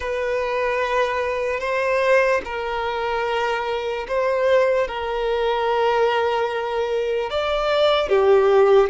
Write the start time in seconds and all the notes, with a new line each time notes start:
0.00 B4
1.60 C5
2.44 A#4
4.08 C5
4.87 A#4
7.30 D5
8.09 G4